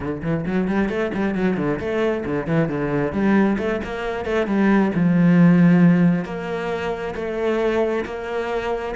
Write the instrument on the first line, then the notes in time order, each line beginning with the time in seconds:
cello
0.00 D3
0.22 E3
0.46 F#3
0.67 G3
0.89 A3
1.14 G3
1.35 F#3
1.57 D3
1.79 A3
2.25 D3
2.46 E3
2.68 D3
3.12 G3
3.57 A3
3.84 A#3
4.25 A3
4.47 G3
4.94 F3
6.24 A#3
7.15 A3
8.05 A#3